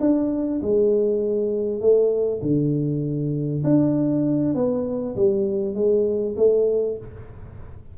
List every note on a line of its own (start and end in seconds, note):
0.00 0.61 D4
0.62 1.80 G#3
1.80 2.41 A3
2.42 3.63 D3
3.64 4.55 D4
4.55 5.15 B3
5.16 5.75 G3
5.75 6.35 G#3
6.37 6.97 A3